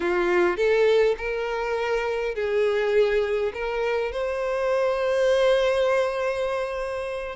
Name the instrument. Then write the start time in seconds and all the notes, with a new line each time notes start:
violin
0.00 F4
0.56 A4
1.17 A#4
2.34 G#4
3.53 A#4
4.12 C5